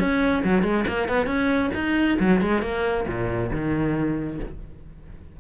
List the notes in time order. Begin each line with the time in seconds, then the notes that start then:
0.00 C#4
0.44 F#3
0.64 G#3
0.88 A#3
1.09 B3
1.27 C#4
1.75 D#4
2.20 F#3
2.42 G#3
2.63 A#3
3.08 A#2
3.52 D#3